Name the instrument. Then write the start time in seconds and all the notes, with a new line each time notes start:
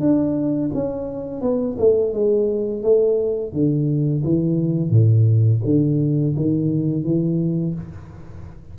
tuba
0.00 D4
0.74 C#4
1.41 B3
1.78 A3
2.13 G#3
2.83 A3
3.53 D3
4.24 E3
4.90 A2
5.64 D3
6.36 D#3
7.04 E3